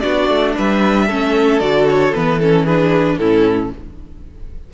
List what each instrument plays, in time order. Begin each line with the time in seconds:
0.00 cello B3, viola D4, violin F#4 D5
0.29 cello A3
0.56 cello G3, violin B4 E5
1.06 cello A3, viola C#4, violin A4
1.59 cello D3, viola F#4, violin D5
1.89 violin C#5
2.14 cello E3, viola B3, violin B4
2.39 viola C#4, violin A4
2.63 viola D4, violin G#4 B4
3.17 cello A2, viola C#4, violin E4 A4